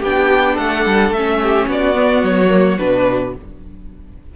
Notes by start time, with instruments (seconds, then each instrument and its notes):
0.00 cello B3, viola D4, violin G4 G5
0.55 cello A3, violin A4 F#5
0.86 cello G3
1.10 cello A3, violin E5
1.17 viola C#4
1.42 violin G4
1.67 cello B3, violin F#4 D5
1.94 viola B3
2.23 cello F#3, violin C#5
2.49 viola A#3
2.78 cello B2, viola D4, violin B4